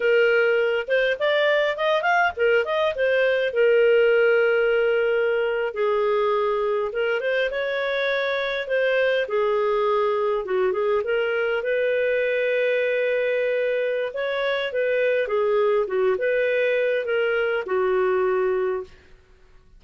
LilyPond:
\new Staff \with { instrumentName = "clarinet" } { \time 4/4 \tempo 4 = 102 ais'4. c''8 d''4 dis''8 f''8 | ais'8 dis''8 c''4 ais'2~ | ais'4.~ ais'16 gis'2 ais'16~ | ais'16 c''8 cis''2 c''4 gis'16~ |
gis'4.~ gis'16 fis'8 gis'8 ais'4 b'16~ | b'1 | cis''4 b'4 gis'4 fis'8 b'8~ | b'4 ais'4 fis'2 | }